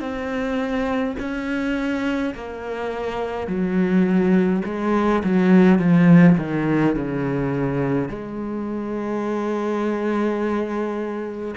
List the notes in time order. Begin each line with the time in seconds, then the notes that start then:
0.00 C4
1.19 C#4
2.34 A#3
3.47 F#3
4.65 G#3
5.24 F#3
5.79 F3
6.38 D#3
6.95 C#3
8.09 G#3